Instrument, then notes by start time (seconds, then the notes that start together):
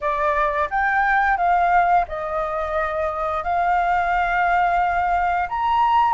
flute
0.01 D5
0.70 G5
1.37 F5
2.08 D#5
3.43 F5
5.49 A#5